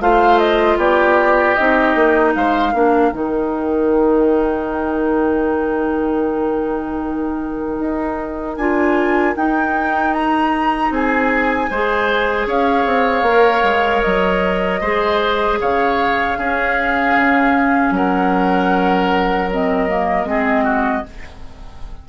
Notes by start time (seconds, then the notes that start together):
0.00 A3 F4 C5 F5
0.38 D#5
0.77 B3 G4 D5
1.54 C4 D#4 D#5
1.95 A#3
2.34 G#3 C5 F5
2.72 A#3 D4 A#4
3.11 D#3 D#4 G5
7.79 D#4
8.56 D4 F4 G#5
9.35 D#4 G5
10.13 A#5
10.90 C4 G#4 G#5
11.70 G#3 G#4 C5
12.46 C#4 C#5 F5
12.85 C4
13.22 A#3 A#4
13.63 G#3
14.02 F#3 D#5
14.80 G#3 G#4 C5
15.60 C#3 C#5 F5
16.37 C#4 G#4
17.16 C#3
17.90 F#3 A#4 F#5
19.50 C4 D#5
19.87 A#3
20.24 G#3 C4 G#4
20.64 F#4